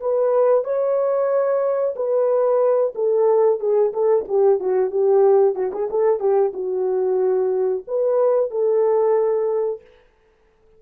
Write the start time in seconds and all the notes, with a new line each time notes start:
0.00 B4
0.64 C#5
1.96 B4
2.95 A4
3.60 G#4
3.93 A4
4.28 G4
4.59 F#4
4.90 G4
5.55 F#4
5.72 G#4
5.90 A4
6.20 G4
6.53 F#4
7.87 B4
8.50 A4